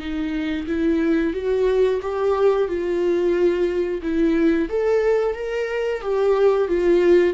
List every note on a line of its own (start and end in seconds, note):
0.00 0.67 D#4
0.67 1.34 E4
1.34 2.01 F#4
2.02 2.68 G4
2.68 4.02 F4
4.02 4.69 E4
4.69 5.35 A4
5.35 6.02 A#4
6.02 6.68 G4
6.68 7.34 F4